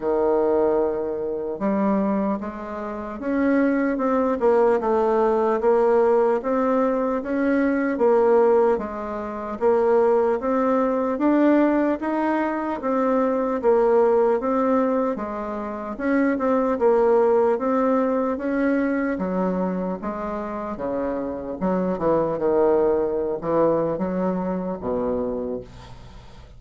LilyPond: \new Staff \with { instrumentName = "bassoon" } { \time 4/4 \tempo 4 = 75 dis2 g4 gis4 | cis'4 c'8 ais8 a4 ais4 | c'4 cis'4 ais4 gis4 | ais4 c'4 d'4 dis'4 |
c'4 ais4 c'4 gis4 | cis'8 c'8 ais4 c'4 cis'4 | fis4 gis4 cis4 fis8 e8 | dis4~ dis16 e8. fis4 b,4 | }